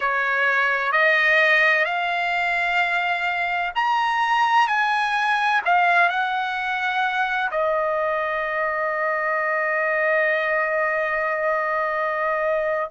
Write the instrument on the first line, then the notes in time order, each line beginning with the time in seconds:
trumpet
0.00 C#5
0.92 D#5
1.85 F5
3.75 A#5
4.67 G#5
5.65 F5
6.09 F#5
7.51 D#5